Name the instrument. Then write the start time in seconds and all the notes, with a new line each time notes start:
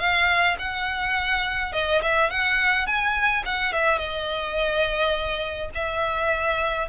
violin
0.00 F5
0.59 F#5
1.73 D#5
2.02 E5
2.30 F#5
2.87 G#5
3.46 F#5
3.73 E5
3.99 D#5
5.75 E5